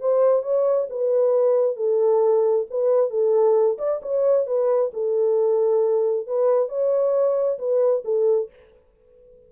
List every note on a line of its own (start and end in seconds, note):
0.00 0.42 C5
0.42 0.87 C#5
0.90 1.76 B4
1.76 2.66 A4
2.70 3.10 B4
3.10 3.77 A4
3.78 4.00 D5
4.02 4.46 C#5
4.46 4.91 B4
4.93 6.26 A4
6.26 6.68 B4
6.68 7.58 C#5
7.58 8.03 B4
8.04 8.49 A4